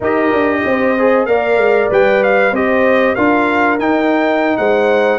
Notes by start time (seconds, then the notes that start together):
0.00 D#4 G4 A#4 D#5
0.32 D4
0.64 C4 C5
0.98 G#4
1.25 A#3 A#4 D5 F5
1.57 G#3
1.91 G3 B4 G5
2.23 F5
2.51 C4 G4 C5 D#5
3.15 D4 F4 A#4 F5
3.78 D#4 G5
4.57 G#3 C5 F#5